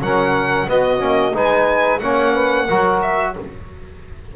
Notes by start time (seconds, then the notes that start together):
0.00 F#3 C#4 A#4 F#5
0.67 B3 F#4 D#5
0.98 A#3 C#4
1.33 G#3 D#4 B4 G#5
1.99 A#3 C#4 C#5 F#5
2.32 B4
2.64 F#3 F#4 A#4
3.01 E5